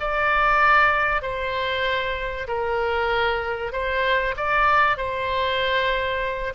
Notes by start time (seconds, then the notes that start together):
0.00 D5
1.22 C5
2.48 A#4
3.72 C5
4.37 D5
4.97 C5